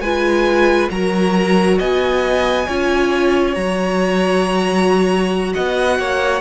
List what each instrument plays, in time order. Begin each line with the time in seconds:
0.00 cello G#3, viola F4, violin B4 G#5
0.90 cello F#3, viola F#4, violin A#4 A#5
1.78 cello B3, violin D#5 G#5
2.66 cello C#4, viola F4, violin C#5
3.54 cello F#3, viola F#4, violin A#5
5.54 cello B3, violin D#5 F#5
5.98 cello A#3, violin C#5